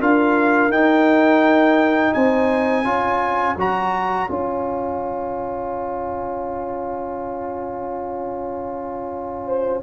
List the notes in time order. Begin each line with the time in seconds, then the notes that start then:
0.00 D4 F4 A#4 F5
0.70 D#4 G5
2.14 C4 C5 G#5
2.85 C#4 F4 C#5
3.57 F#3 F#4 A#5
4.29 C#4 F4 G#5
9.47 C5